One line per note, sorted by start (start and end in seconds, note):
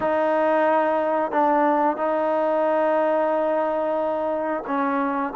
0.00 1.31 D#4
1.31 1.97 D4
1.97 4.63 D#4
4.66 5.33 C#4